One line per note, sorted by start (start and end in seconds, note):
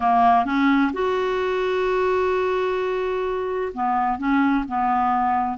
0.00 0.45 A#3
0.45 0.91 C#4
0.93 3.72 F#4
3.73 4.18 B3
4.18 4.64 C#4
4.67 5.57 B3